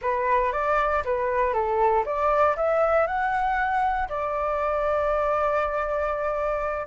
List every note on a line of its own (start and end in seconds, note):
0.01 0.52 B4
0.52 1.03 D5
1.04 1.53 B4
1.53 2.04 A4
2.05 2.56 D5
2.56 3.06 E5
3.06 4.08 F#5
4.08 6.86 D5